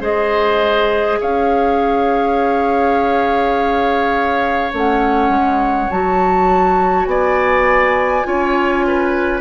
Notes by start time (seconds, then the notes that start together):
0.00 G#3 G#4 C5 D#5
1.20 C#4 C#5 F5
4.73 A3 C#4 F#5
5.29 G#3
5.90 F#3 F#4 A5
7.05 B3 D5 G#5
8.24 C#4 F4 C#5
8.87 B4